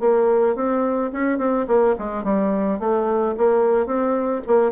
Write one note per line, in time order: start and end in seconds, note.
0.00 0.56 A#3
0.56 1.11 C4
1.13 1.38 C#4
1.38 1.66 C4
1.67 1.95 A#3
1.99 2.24 G#3
2.24 2.80 G3
2.80 3.35 A3
3.38 3.86 A#3
3.86 4.42 C4
4.47 4.72 A#3